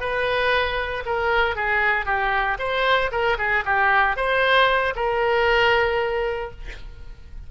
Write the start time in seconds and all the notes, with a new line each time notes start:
0.00 B4
1.06 A#4
1.55 G#4
2.06 G4
2.59 C5
3.11 A#4
3.38 G#4
3.65 G4
4.16 C5
4.95 A#4